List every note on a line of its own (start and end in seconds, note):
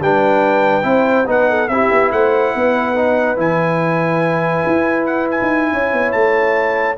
0.00 0.84 G3
0.00 0.83 D4
0.00 0.87 B4
0.00 1.29 G5
0.83 1.26 C4
0.83 1.25 E4
0.83 1.29 C5
1.26 1.69 B3
1.26 1.68 D#4
1.26 1.50 B4
1.26 1.68 F#5
1.50 1.71 A4
1.68 1.90 C4
1.68 2.96 E4
1.68 2.13 G4
1.68 2.10 E5
1.91 2.12 B3
2.12 2.54 A3
2.12 2.55 C5
2.12 3.39 F#5
2.55 3.37 B3
2.55 5.72 B4
2.96 3.37 D#4
3.37 4.64 E3
3.37 6.96 E4
3.37 5.06 G#5
4.67 5.41 E4
5.06 5.28 F#5
5.31 6.12 G#5
5.42 5.72 D#4
5.72 5.93 C#4
5.72 6.98 C#5
5.93 6.14 B3
6.12 6.98 A3
6.12 6.96 A5